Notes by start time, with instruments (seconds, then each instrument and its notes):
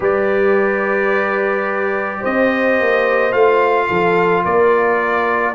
0.00 tuba G3, trombone G4, horn B4, trumpet D5
2.20 tuba C4, horn C5, trumpet D#5
2.80 tuba A#3
3.31 tuba A3, trombone F4, trumpet F5
3.87 tuba F3, horn A4
4.44 tuba A#3, horn A#4, trumpet D5